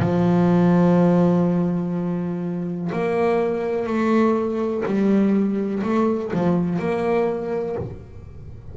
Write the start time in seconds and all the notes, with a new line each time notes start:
0.00 F3
2.92 A#3
3.86 A3
4.86 G3
5.83 A3
6.33 F3
6.79 A#3